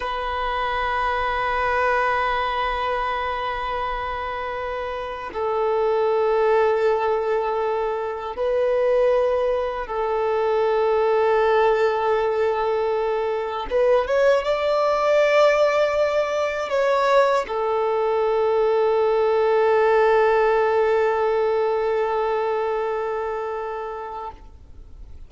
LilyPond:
\new Staff \with { instrumentName = "violin" } { \time 4/4 \tempo 4 = 79 b'1~ | b'2. a'4~ | a'2. b'4~ | b'4 a'2.~ |
a'2 b'8 cis''8 d''4~ | d''2 cis''4 a'4~ | a'1~ | a'1 | }